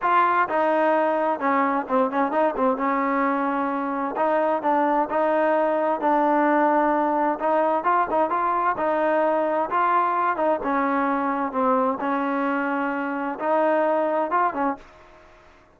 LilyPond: \new Staff \with { instrumentName = "trombone" } { \time 4/4 \tempo 4 = 130 f'4 dis'2 cis'4 | c'8 cis'8 dis'8 c'8 cis'2~ | cis'4 dis'4 d'4 dis'4~ | dis'4 d'2. |
dis'4 f'8 dis'8 f'4 dis'4~ | dis'4 f'4. dis'8 cis'4~ | cis'4 c'4 cis'2~ | cis'4 dis'2 f'8 cis'8 | }